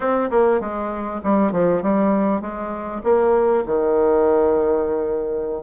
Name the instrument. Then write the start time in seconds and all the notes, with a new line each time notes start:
bassoon
0.00 C4
0.30 A#3
0.60 G#3
1.23 G3
1.52 F3
1.82 G3
2.41 G#3
3.03 A#3
3.66 D#3